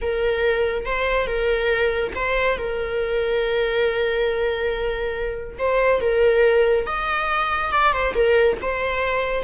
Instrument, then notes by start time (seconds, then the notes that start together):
viola
0.01 A#4
0.85 C5
1.26 A#4
2.15 C5
2.58 A#4
5.58 C5
6.00 A#4
6.86 D#5
7.71 D5
7.92 C5
8.14 A#4
8.61 C5